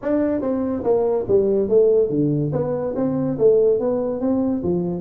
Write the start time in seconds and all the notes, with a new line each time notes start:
0.02 D4
0.41 C4
0.83 A#3
1.28 G3
1.69 A3
2.09 D3
2.52 B3
2.95 C4
3.38 A3
3.79 B3
4.20 C4
4.63 F3